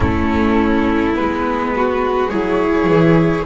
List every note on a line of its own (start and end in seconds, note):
0.00 1.15 A3
0.00 1.14 C#4
0.00 1.74 E4
0.00 1.15 A4
1.14 2.31 G#3
1.14 2.30 B3
1.14 2.29 B4
1.75 2.31 F#4
2.29 2.86 F#3
2.29 3.45 E4
2.29 3.45 G#4
2.29 3.45 C#5
2.86 3.44 E3